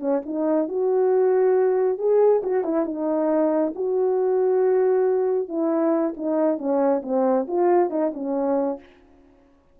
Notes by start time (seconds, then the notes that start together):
0.00 C#4
0.26 D#4
0.69 F#4
1.98 G#4
2.44 F#4
2.64 E4
2.86 D#4
3.75 F#4
5.49 E4
6.17 D#4
6.58 C#4
7.03 C4
7.48 F4
7.91 D#4
8.14 C#4